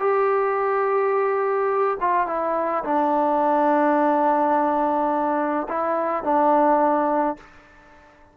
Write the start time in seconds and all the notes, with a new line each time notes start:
0.00 G4
2.01 F4
2.27 E4
2.85 D4
5.69 E4
6.24 D4